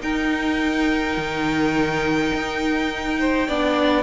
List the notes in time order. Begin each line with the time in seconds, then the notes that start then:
0.00 D#4 A#4 G5
1.17 D#3
2.33 D#4
3.19 C5
3.47 B3 D4 D5